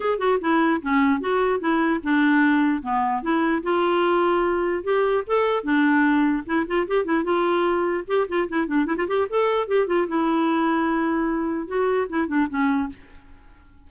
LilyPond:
\new Staff \with { instrumentName = "clarinet" } { \time 4/4 \tempo 4 = 149 gis'8 fis'8 e'4 cis'4 fis'4 | e'4 d'2 b4 | e'4 f'2. | g'4 a'4 d'2 |
e'8 f'8 g'8 e'8 f'2 | g'8 f'8 e'8 d'8 e'16 f'16 g'8 a'4 | g'8 f'8 e'2.~ | e'4 fis'4 e'8 d'8 cis'4 | }